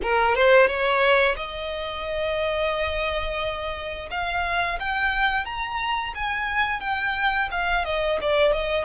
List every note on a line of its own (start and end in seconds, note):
0.02 0.35 A#4
0.35 0.67 C5
0.67 1.35 C#5
1.36 4.09 D#5
4.10 4.79 F5
4.79 5.45 G5
5.45 6.13 A#5
6.14 6.80 G#5
6.80 7.48 G5
7.51 7.84 F5
7.84 8.18 D#5
8.21 8.52 D5
8.52 8.85 D#5